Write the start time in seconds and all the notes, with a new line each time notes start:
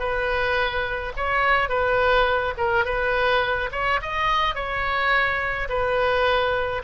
0.00 B4
1.17 C#5
1.69 B4
2.58 A#4
2.85 B4
3.72 C#5
4.02 D#5
4.56 C#5
5.69 B4